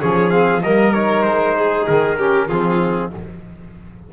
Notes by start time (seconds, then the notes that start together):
0.00 F3 C#4 G#4 C#5
0.30 C4 F5
0.62 G3 A#3 A#4 D#5
0.93 D#4 C#5
1.22 G#3 C5
1.58 G#4
1.86 D#3 A#4
2.18 C#4 G4
2.48 F3 C4 F4 G#4